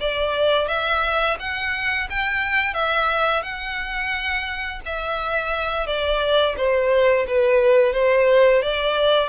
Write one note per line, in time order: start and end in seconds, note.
0.00 0.68 D5
0.68 1.37 E5
1.39 2.08 F#5
2.09 2.74 G5
2.74 3.42 E5
3.42 4.80 F#5
4.85 5.86 E5
5.86 6.55 D5
6.57 7.26 C5
7.27 7.93 B4
7.93 8.62 C5
8.62 9.29 D5